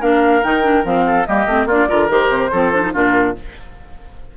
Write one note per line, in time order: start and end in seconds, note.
0.00 0.43 A#3
0.00 0.42 D4
0.00 1.04 A#4
0.00 0.43 F5
0.43 0.84 D#3
0.43 0.63 D#4
0.43 0.85 G5
0.63 0.84 D4
0.84 1.26 F3
0.84 1.26 C4
0.84 1.26 F5
1.06 1.27 A4
1.26 1.46 G3
1.26 1.48 A#3
1.26 1.67 G4
1.26 1.67 D#5
1.46 1.65 A3
1.46 1.70 C4
1.65 1.86 A#3
1.65 1.88 D4
1.65 1.88 F4
1.65 2.10 D5
1.88 2.09 D3
1.88 2.09 F4
1.88 2.51 A#4
2.09 2.29 D#3
2.09 2.51 G4
2.09 2.95 C5
2.29 2.50 C3
2.51 2.94 F3
2.51 2.73 C4
2.51 2.93 A4
2.73 2.82 D4
2.82 2.92 D#4
2.93 3.37 A#2
2.93 3.35 D4
2.93 3.35 F4
2.93 3.36 A#4